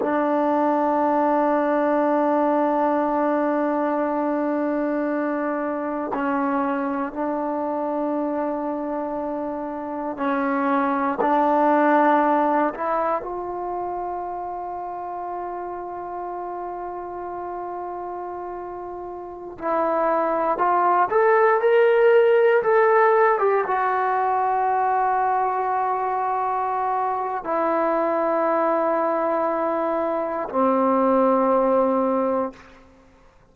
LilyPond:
\new Staff \with { instrumentName = "trombone" } { \time 4/4 \tempo 4 = 59 d'1~ | d'2 cis'4 d'4~ | d'2 cis'4 d'4~ | d'8 e'8 f'2.~ |
f'2.~ f'16 e'8.~ | e'16 f'8 a'8 ais'4 a'8. g'16 fis'8.~ | fis'2. e'4~ | e'2 c'2 | }